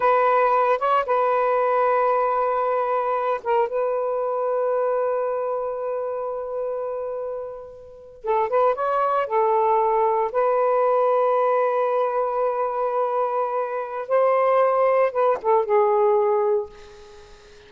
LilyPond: \new Staff \with { instrumentName = "saxophone" } { \time 4/4 \tempo 4 = 115 b'4. cis''8 b'2~ | b'2~ b'8 ais'8 b'4~ | b'1~ | b'2.~ b'8. a'16~ |
a'16 b'8 cis''4 a'2 b'16~ | b'1~ | b'2. c''4~ | c''4 b'8 a'8 gis'2 | }